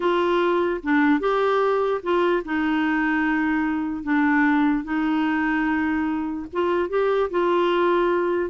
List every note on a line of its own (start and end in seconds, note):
0.00 0.81 F4
0.83 1.20 D4
1.20 2.01 G4
2.03 2.43 F4
2.44 4.03 D#4
4.03 4.84 D4
4.84 6.46 D#4
6.52 6.89 F4
6.89 7.30 G4
7.30 8.50 F4